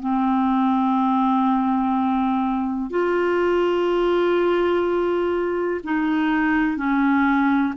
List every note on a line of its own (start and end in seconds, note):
0.00 2.90 C4
2.90 5.81 F4
5.84 6.77 D#4
6.77 7.74 C#4